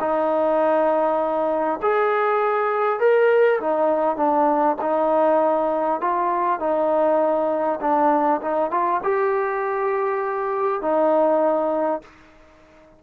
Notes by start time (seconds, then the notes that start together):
0.00 D#4
1.82 G#4
3.00 A#4
3.60 D#4
4.16 D4
4.81 D#4
6.01 F4
6.60 D#4
7.81 D4
8.42 D#4
8.71 F4
9.03 G4
10.82 D#4